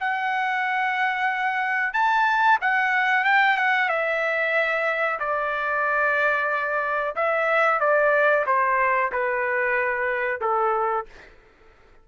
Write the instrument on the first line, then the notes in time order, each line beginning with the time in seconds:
trumpet
0.00 F#5
1.93 A5
2.61 F#5
3.25 G5
3.57 F#5
3.89 E5
5.20 D5
7.16 E5
7.80 D5
8.47 C5
9.12 B4
10.41 A4